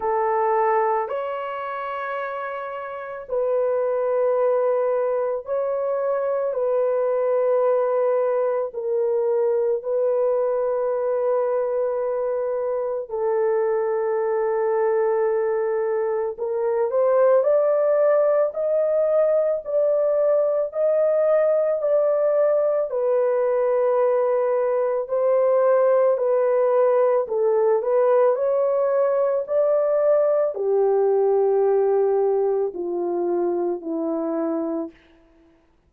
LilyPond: \new Staff \with { instrumentName = "horn" } { \time 4/4 \tempo 4 = 55 a'4 cis''2 b'4~ | b'4 cis''4 b'2 | ais'4 b'2. | a'2. ais'8 c''8 |
d''4 dis''4 d''4 dis''4 | d''4 b'2 c''4 | b'4 a'8 b'8 cis''4 d''4 | g'2 f'4 e'4 | }